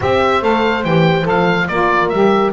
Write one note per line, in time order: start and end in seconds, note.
0.00 0.41 C4
0.00 0.40 G4
0.00 1.69 C5
0.00 0.43 E5
0.40 0.84 A3
0.40 0.83 A4
0.40 0.84 F5
0.84 1.25 E3
0.84 1.23 G4
0.84 1.26 G5
1.23 1.67 F3
1.23 1.65 A4
1.23 1.67 F5
1.67 2.11 A#3
1.67 2.13 F4
1.67 2.53 A#4
1.67 2.08 D5
2.08 2.53 G3
2.08 2.53 G4
2.08 2.51 E5